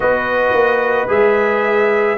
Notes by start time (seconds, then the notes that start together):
0.00 B3 F#4 B4 D#5
0.52 A#3
1.08 G#3 G#4 E5